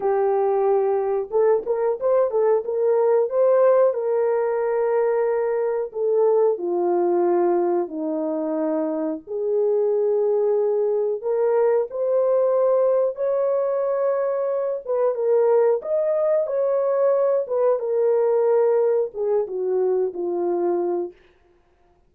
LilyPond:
\new Staff \with { instrumentName = "horn" } { \time 4/4 \tempo 4 = 91 g'2 a'8 ais'8 c''8 a'8 | ais'4 c''4 ais'2~ | ais'4 a'4 f'2 | dis'2 gis'2~ |
gis'4 ais'4 c''2 | cis''2~ cis''8 b'8 ais'4 | dis''4 cis''4. b'8 ais'4~ | ais'4 gis'8 fis'4 f'4. | }